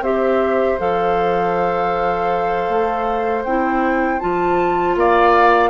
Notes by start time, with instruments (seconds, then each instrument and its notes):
0.00 bassoon C4, clarinet G4, oboe C5, flute E5
0.79 bassoon F3, clarinet A4, flute F5
2.68 bassoon A3
3.44 bassoon C4, clarinet E4, flute G5
4.19 bassoon F3, clarinet F4, flute A5
4.95 bassoon A#3, oboe D5, flute F5